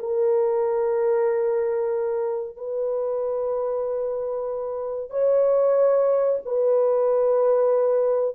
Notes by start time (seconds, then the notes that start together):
0.00 A#4
2.57 B4
5.11 C#5
6.46 B4